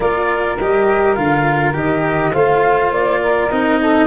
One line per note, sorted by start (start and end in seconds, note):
0.00 0.58 A#3
0.00 0.58 F4
0.00 2.33 A#4
0.00 0.58 D5
0.59 1.17 G3
0.59 1.16 G4
0.59 1.14 D#5
1.14 1.73 D3
1.14 1.73 F4
1.14 1.73 F5
1.73 2.32 D#3
1.73 2.32 G4
1.73 2.32 D#5
2.32 2.90 A3
2.32 3.50 F4
2.32 3.20 C5
2.32 2.91 F5
2.90 3.48 A#3
2.90 3.50 D5
3.22 3.80 A#4
3.50 4.07 C4
3.50 4.07 D#4
3.50 4.07 D#5
3.80 4.07 A4